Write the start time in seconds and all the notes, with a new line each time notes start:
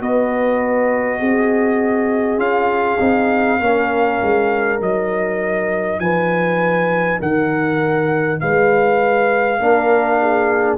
0.00 B3 F#4 B4 D#5
1.19 C4 G#4
2.38 C#4 F4 F5
2.99 C4 D#4
3.59 A#3 C#4 A#4
4.22 G#3
4.80 F#3 D#4 D#5
5.99 F3 B4 G#5
7.20 D#3 A#4 F#5
8.40 G#3 B4 F5
9.59 A#3 D4 A#4
10.21 G#4